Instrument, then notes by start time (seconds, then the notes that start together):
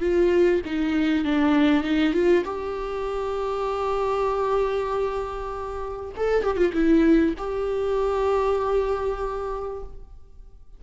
viola
0.00 F4
0.65 D#4
1.24 D4
1.83 D#4
2.13 F4
2.44 G4
6.16 A4
6.43 G4
6.57 F4
6.73 E4
7.38 G4